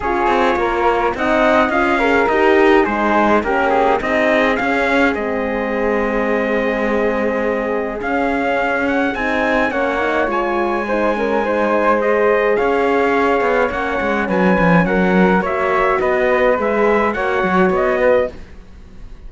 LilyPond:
<<
  \new Staff \with { instrumentName = "trumpet" } { \time 4/4 \tempo 4 = 105 cis''2 fis''4 f''4 | dis''4 c''4 ais'8 gis'8 dis''4 | f''4 dis''2.~ | dis''2 f''4. fis''8 |
gis''4 fis''4 gis''2~ | gis''4 dis''4 f''2 | fis''4 gis''4 fis''4 e''4 | dis''4 e''4 fis''4 dis''4 | }
  \new Staff \with { instrumentName = "flute" } { \time 4/4 gis'4 ais'4 dis''4. ais'8~ | ais'4 gis'4 g'4 gis'4~ | gis'1~ | gis'1~ |
gis'4 cis''2 c''8 ais'8 | c''2 cis''2~ | cis''4 b'4 ais'4 cis''4 | b'2 cis''4. b'8 | }
  \new Staff \with { instrumentName = "horn" } { \time 4/4 f'2 dis'4 f'8 gis'8 | g'4 dis'4 cis'4 dis'4 | cis'4 c'2.~ | c'2 cis'2 |
dis'4 cis'8 dis'8 f'4 dis'8 cis'8 | dis'4 gis'2. | cis'2. fis'4~ | fis'4 gis'4 fis'2 | }
  \new Staff \with { instrumentName = "cello" } { \time 4/4 cis'8 c'8 ais4 c'4 cis'4 | dis'4 gis4 ais4 c'4 | cis'4 gis2.~ | gis2 cis'2 |
c'4 ais4 gis2~ | gis2 cis'4. b8 | ais8 gis8 fis8 f8 fis4 ais4 | b4 gis4 ais8 fis8 b4 | }
>>